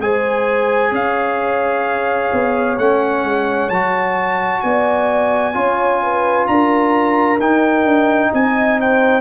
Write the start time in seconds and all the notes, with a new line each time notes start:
0.00 G#3 G#4 C5 G#5
0.92 C#4 C#5 F5
2.33 B3
2.78 A3 C#4 F#5
3.24 G#3
3.70 F#3 F#4 A5
4.61 B3 D5 G#5
5.54 C#4 F4 C#5
6.03 B4
6.48 D4 A#4 A#5
7.40 D#4 G5
7.85 D4
8.32 C4 D#5 G#5
8.80 C5 G5